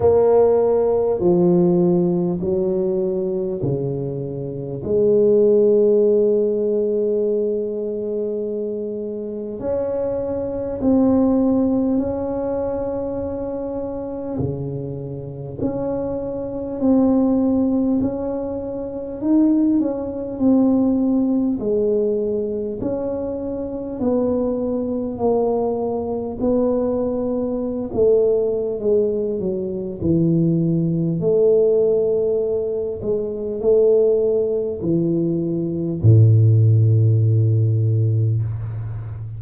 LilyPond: \new Staff \with { instrumentName = "tuba" } { \time 4/4 \tempo 4 = 50 ais4 f4 fis4 cis4 | gis1 | cis'4 c'4 cis'2 | cis4 cis'4 c'4 cis'4 |
dis'8 cis'8 c'4 gis4 cis'4 | b4 ais4 b4~ b16 a8. | gis8 fis8 e4 a4. gis8 | a4 e4 a,2 | }